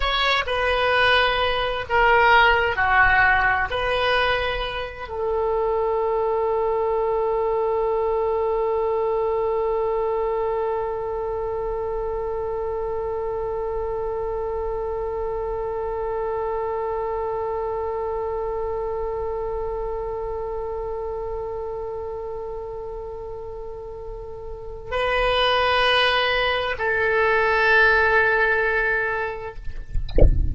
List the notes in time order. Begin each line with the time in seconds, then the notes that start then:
0.00 C#5
0.46 B4
1.89 A#4
2.76 F#4
3.70 B4
5.08 A4
24.91 B4
26.78 A4